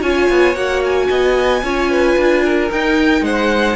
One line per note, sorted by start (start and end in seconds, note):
0.00 0.29 C#4
0.00 0.55 F4
0.00 1.07 C#5
0.00 0.55 G#5
0.29 0.55 B3
0.55 1.08 A#3
0.55 1.62 F#4
0.55 0.82 F#5
0.84 2.71 G#5
1.09 1.62 B3
1.09 1.62 D#5
1.62 2.16 C#4
1.62 2.71 F4
1.62 1.90 C#5
1.90 2.44 B4
2.16 2.70 D4
2.44 3.24 A#4
2.71 3.21 D#4
2.71 3.76 D#4
2.71 3.24 G5
3.21 3.75 G#3
3.21 3.76 C5
3.21 3.76 F#5